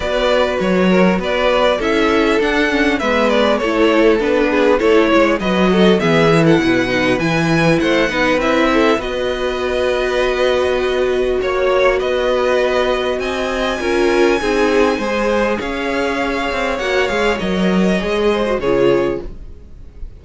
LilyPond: <<
  \new Staff \with { instrumentName = "violin" } { \time 4/4 \tempo 4 = 100 d''4 cis''4 d''4 e''4 | fis''4 e''8 d''8 cis''4 b'4 | cis''4 dis''4 e''8. fis''4~ fis''16 | gis''4 fis''4 e''4 dis''4~ |
dis''2. cis''4 | dis''2 gis''2~ | gis''2 f''2 | fis''8 f''8 dis''2 cis''4 | }
  \new Staff \with { instrumentName = "violin" } { \time 4/4 b'4. ais'8 b'4 a'4~ | a'4 b'4 a'4. gis'8 | a'8 cis''8 b'8 a'8 gis'8. a'16 b'4~ | b'4 c''8 b'4 a'8 b'4~ |
b'2. cis''4 | b'2 dis''4 ais'4 | gis'4 c''4 cis''2~ | cis''2~ cis''8 c''8 gis'4 | }
  \new Staff \with { instrumentName = "viola" } { \time 4/4 fis'2. e'4 | d'8 cis'8 b4 e'4 d'4 | e'4 fis'4 b8 e'4 dis'8 | e'4. dis'8 e'4 fis'4~ |
fis'1~ | fis'2. f'4 | dis'4 gis'2. | fis'8 gis'8 ais'4 gis'8. fis'16 f'4 | }
  \new Staff \with { instrumentName = "cello" } { \time 4/4 b4 fis4 b4 cis'4 | d'4 gis4 a4 b4 | a8 gis8 fis4 e4 b,4 | e4 a8 b8 c'4 b4~ |
b2. ais4 | b2 c'4 cis'4 | c'4 gis4 cis'4. c'8 | ais8 gis8 fis4 gis4 cis4 | }
>>